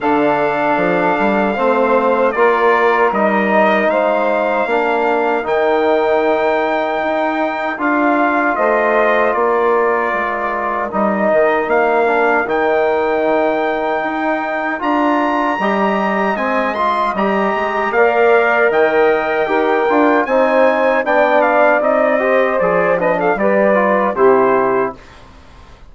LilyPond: <<
  \new Staff \with { instrumentName = "trumpet" } { \time 4/4 \tempo 4 = 77 f''2. d''4 | dis''4 f''2 g''4~ | g''2 f''4 dis''4 | d''2 dis''4 f''4 |
g''2. ais''4~ | ais''4 gis''8 c'''8 ais''4 f''4 | g''2 gis''4 g''8 f''8 | dis''4 d''8 dis''16 f''16 d''4 c''4 | }
  \new Staff \with { instrumentName = "saxophone" } { \time 4/4 a'2 c''4 ais'4~ | ais'4 c''4 ais'2~ | ais'2. c''4 | ais'1~ |
ais'1 | dis''2. d''4 | dis''4 ais'4 c''4 d''4~ | d''8 c''4 b'16 a'16 b'4 g'4 | }
  \new Staff \with { instrumentName = "trombone" } { \time 4/4 d'2 c'4 f'4 | dis'2 d'4 dis'4~ | dis'2 f'2~ | f'2 dis'4. d'8 |
dis'2. f'4 | g'4 c'8 f'8 g'4 ais'4~ | ais'4 g'8 f'8 dis'4 d'4 | dis'8 g'8 gis'8 d'8 g'8 f'8 e'4 | }
  \new Staff \with { instrumentName = "bassoon" } { \time 4/4 d4 f8 g8 a4 ais4 | g4 gis4 ais4 dis4~ | dis4 dis'4 d'4 a4 | ais4 gis4 g8 dis8 ais4 |
dis2 dis'4 d'4 | g4 gis4 g8 gis8 ais4 | dis4 dis'8 d'8 c'4 b4 | c'4 f4 g4 c4 | }
>>